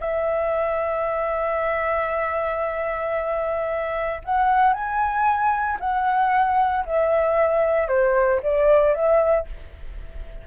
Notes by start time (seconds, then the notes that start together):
0.00 E5
4.24 F#5
4.72 G#5
5.80 F#5
6.85 E5
7.88 C5
8.42 D5
8.94 E5